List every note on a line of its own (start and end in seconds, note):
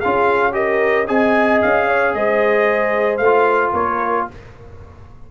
0.00 1.10 C#4
0.00 0.53 F4
0.00 0.53 G#4
0.00 0.54 F5
0.53 1.06 G4
0.53 1.09 A#4
0.53 1.07 D#5
1.07 1.63 C4
1.07 3.20 G#4
1.07 1.88 D#5
1.07 1.62 G#5
1.62 2.15 C#4
1.62 2.15 F5
1.88 2.14 C#5
2.15 3.20 G#3
2.15 3.75 C5
2.15 3.18 D#5
3.18 3.73 A3
3.18 3.71 F5
3.25 4.31 F4
3.74 4.27 A#3
3.74 4.28 A#4
3.74 4.28 C#5